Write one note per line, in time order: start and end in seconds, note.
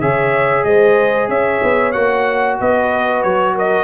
0.00 0.64 C#3
0.00 1.93 G#4
0.00 0.65 C#5
0.00 0.64 E5
0.64 1.28 G#3
0.64 1.29 C5
0.64 1.28 D#5
1.28 1.60 C#4
1.28 2.58 C#5
1.28 1.92 E5
1.62 1.95 B3
1.92 2.59 A#3
1.92 3.84 F#4
1.92 2.56 F#5
2.58 3.24 B3
2.58 3.54 B4
2.58 3.22 D#5
3.22 3.84 F#3
3.22 3.55 C#5
3.54 3.84 A#4
3.54 3.84 D#5